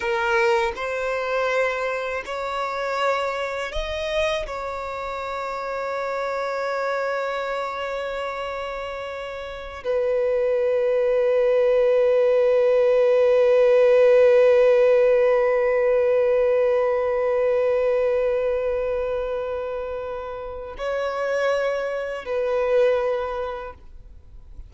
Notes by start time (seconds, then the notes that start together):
0.00 A#4
0.75 C5
2.25 C#5
3.72 D#5
4.46 C#5
9.84 B4
20.77 C#5
22.25 B4